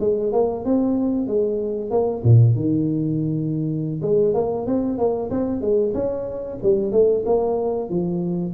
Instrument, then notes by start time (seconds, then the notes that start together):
tuba
0.00 G#3
0.33 A#3
0.65 C4
1.27 G#3
1.90 A#3
2.24 A#2
2.56 D#3
4.02 G#3
4.34 A#3
4.66 C4
4.98 A#3
5.30 C4
5.61 G#3
5.94 C#4
6.63 G3
6.92 A3
7.26 A#3
7.90 F3